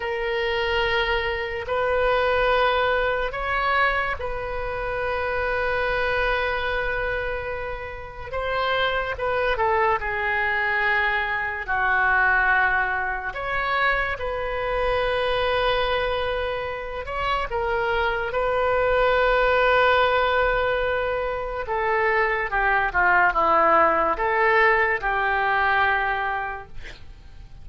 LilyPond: \new Staff \with { instrumentName = "oboe" } { \time 4/4 \tempo 4 = 72 ais'2 b'2 | cis''4 b'2.~ | b'2 c''4 b'8 a'8 | gis'2 fis'2 |
cis''4 b'2.~ | b'8 cis''8 ais'4 b'2~ | b'2 a'4 g'8 f'8 | e'4 a'4 g'2 | }